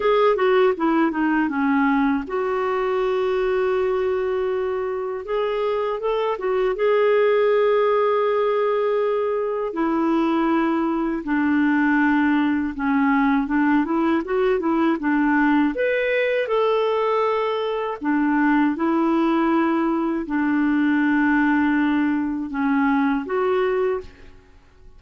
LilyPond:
\new Staff \with { instrumentName = "clarinet" } { \time 4/4 \tempo 4 = 80 gis'8 fis'8 e'8 dis'8 cis'4 fis'4~ | fis'2. gis'4 | a'8 fis'8 gis'2.~ | gis'4 e'2 d'4~ |
d'4 cis'4 d'8 e'8 fis'8 e'8 | d'4 b'4 a'2 | d'4 e'2 d'4~ | d'2 cis'4 fis'4 | }